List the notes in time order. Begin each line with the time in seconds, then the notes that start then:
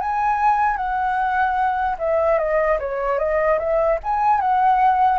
0.00 G#5
0.76 F#5
1.99 E5
2.38 D#5
2.79 C#5
3.19 D#5
3.59 E5
4.03 G#5
4.41 F#5